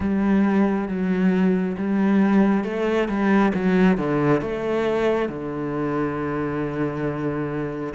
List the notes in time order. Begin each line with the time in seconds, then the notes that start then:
0.00 G3
0.88 F#3
1.77 G3
2.64 A3
3.08 G3
3.54 F#3
3.97 D3
4.41 A3
5.28 D3